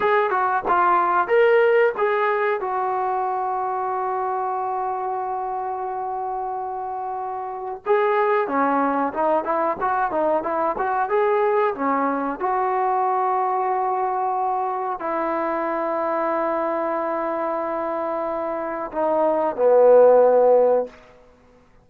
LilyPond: \new Staff \with { instrumentName = "trombone" } { \time 4/4 \tempo 4 = 92 gis'8 fis'8 f'4 ais'4 gis'4 | fis'1~ | fis'1 | gis'4 cis'4 dis'8 e'8 fis'8 dis'8 |
e'8 fis'8 gis'4 cis'4 fis'4~ | fis'2. e'4~ | e'1~ | e'4 dis'4 b2 | }